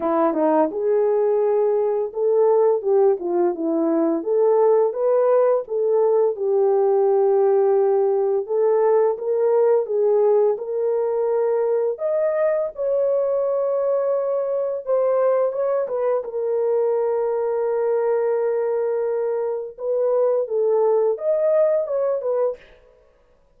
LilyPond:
\new Staff \with { instrumentName = "horn" } { \time 4/4 \tempo 4 = 85 e'8 dis'8 gis'2 a'4 | g'8 f'8 e'4 a'4 b'4 | a'4 g'2. | a'4 ais'4 gis'4 ais'4~ |
ais'4 dis''4 cis''2~ | cis''4 c''4 cis''8 b'8 ais'4~ | ais'1 | b'4 a'4 dis''4 cis''8 b'8 | }